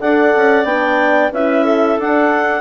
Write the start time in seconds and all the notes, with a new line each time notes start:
0.00 D4 A4 D5 F#5
0.35 C#4
0.64 B3 D4 G5
1.31 C#4 E4 B4 E5
1.64 A4
1.98 D4 F#5